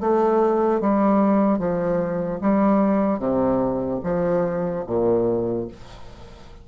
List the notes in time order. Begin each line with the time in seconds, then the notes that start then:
0.00 A3
0.80 G3
1.58 F3
2.41 G3
3.18 C3
4.03 F3
4.86 A#2